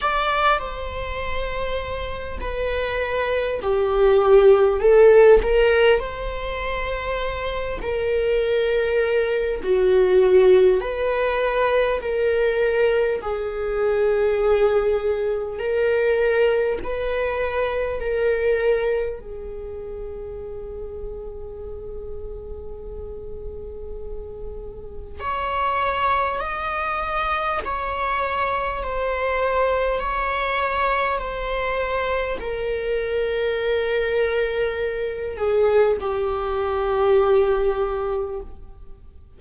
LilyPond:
\new Staff \with { instrumentName = "viola" } { \time 4/4 \tempo 4 = 50 d''8 c''4. b'4 g'4 | a'8 ais'8 c''4. ais'4. | fis'4 b'4 ais'4 gis'4~ | gis'4 ais'4 b'4 ais'4 |
gis'1~ | gis'4 cis''4 dis''4 cis''4 | c''4 cis''4 c''4 ais'4~ | ais'4. gis'8 g'2 | }